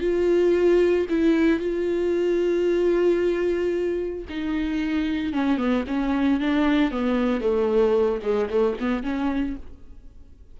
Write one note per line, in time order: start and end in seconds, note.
0.00 1.06 F4
1.09 1.59 E4
1.59 4.25 F4
4.29 5.33 D#4
5.33 5.57 C#4
5.57 5.84 B3
5.87 6.40 C#4
6.40 6.91 D4
6.91 7.40 B3
7.40 8.20 A3
8.22 8.49 G#3
8.49 8.76 A3
8.80 9.03 B3
9.03 9.56 C#4